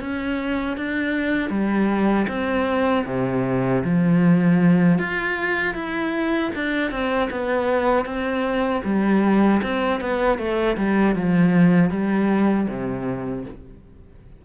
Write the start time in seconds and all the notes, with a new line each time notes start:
0.00 C#4
0.77 D4
1.50 G3
2.28 C4
3.06 C3
3.84 F3
4.99 F4
5.74 E4
6.55 D4
6.91 C4
7.30 B3
8.05 C4
8.84 G3
9.62 C4
10.00 B3
10.38 A3
10.77 G3
11.15 F3
11.90 G3
12.68 C3